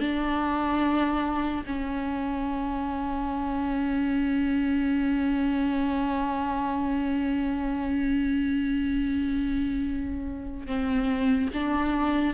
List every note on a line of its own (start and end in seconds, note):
0.00 1.64 D4
1.66 10.67 C#4
10.67 11.49 C4
11.54 12.34 D4